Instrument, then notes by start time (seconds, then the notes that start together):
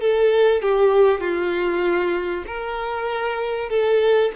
violin
0.00 A4
0.62 G4
1.20 F4
2.47 A#4
3.69 A4